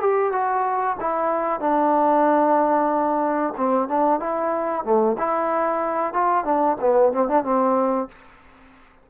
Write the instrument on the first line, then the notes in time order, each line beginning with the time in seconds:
trombone
0.00 G4
0.32 F#4
1.00 E4
1.60 D4
3.57 C4
3.88 D4
4.20 E4
4.84 A3
5.18 E4
6.13 F4
6.45 D4
6.81 B3
7.13 C4
7.28 D4
7.44 C4